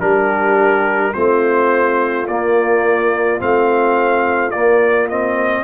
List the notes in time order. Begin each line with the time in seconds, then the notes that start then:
0.00 G3 D4 G4 A#4
1.13 A3 C4 F4 C5
2.28 A#3 D5
3.39 A3 C4 F5
4.51 A#3 D5
5.09 C4 D#5